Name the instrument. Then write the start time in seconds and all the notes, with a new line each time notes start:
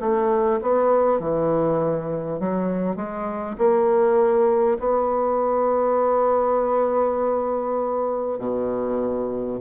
bassoon
0.00 A3
0.62 B3
1.19 E3
2.39 F#3
2.96 G#3
3.58 A#3
4.79 B3
8.39 B2